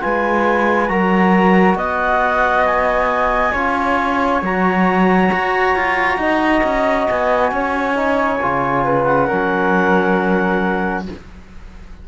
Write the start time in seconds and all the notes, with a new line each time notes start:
0.00 G#3 F4 B4 G#5
0.87 F#3 F#4 A#4 A#5
1.75 B3 D#5 F#5
2.66 G#5
3.52 C#4 F4 C#5
4.42 F#3 F#4 A#5
5.32 F#4
5.76 F4
6.17 D#4 D#5
6.63 C#4
7.09 B3 G#5
7.51 C#4 C#5
7.95 D#4
8.42 C#3 F4
8.84 B4
9.04 F#5
9.27 F#3 C#4 A#4